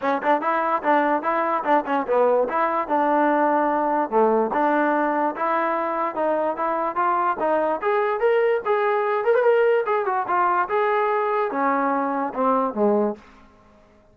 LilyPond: \new Staff \with { instrumentName = "trombone" } { \time 4/4 \tempo 4 = 146 cis'8 d'8 e'4 d'4 e'4 | d'8 cis'8 b4 e'4 d'4~ | d'2 a4 d'4~ | d'4 e'2 dis'4 |
e'4 f'4 dis'4 gis'4 | ais'4 gis'4. ais'16 b'16 ais'4 | gis'8 fis'8 f'4 gis'2 | cis'2 c'4 gis4 | }